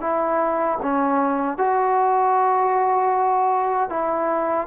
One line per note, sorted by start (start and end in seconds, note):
0.00 0.78 E4
0.81 1.57 C#4
1.57 3.89 F#4
3.89 4.67 E4